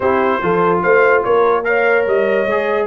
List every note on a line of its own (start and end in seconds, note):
0.00 0.41 C4
0.00 0.42 E4
0.00 0.41 G4
0.00 0.79 C5
0.42 0.83 F3
0.42 1.64 F4
0.42 0.83 A4
0.82 1.24 A3
0.82 1.24 C5
0.82 1.23 F5
1.23 2.06 A#3
1.23 1.65 A#4
1.23 1.64 C#5
1.64 2.46 A#4
1.64 2.86 C#5
1.64 2.05 F5
2.06 2.46 G3
2.06 2.86 D#5
2.46 2.86 G#3
2.46 2.86 G#4